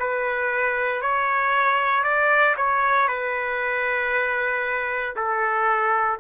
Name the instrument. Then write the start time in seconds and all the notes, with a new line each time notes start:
trumpet
0.00 B4
1.02 C#5
2.04 D5
2.57 C#5
3.08 B4
5.16 A4